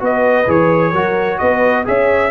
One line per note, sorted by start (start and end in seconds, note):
0.00 0.47 B3
0.00 0.46 F#4
0.00 0.92 B4
0.00 0.50 D#5
0.48 0.93 E3
0.48 0.94 G#4
0.48 1.39 C#5
0.92 1.39 F#3
0.92 1.85 F#4
0.92 1.38 A#4
1.39 1.87 B3
1.39 1.86 B4
1.39 1.84 D#5
1.85 2.31 C#4
1.85 2.31 G#4
1.85 2.31 C#5
1.85 2.31 E5